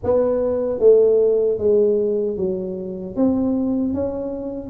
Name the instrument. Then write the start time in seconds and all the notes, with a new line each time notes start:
tuba
0.03 B3
0.79 A3
1.58 G#3
2.36 F#3
3.16 C4
3.94 C#4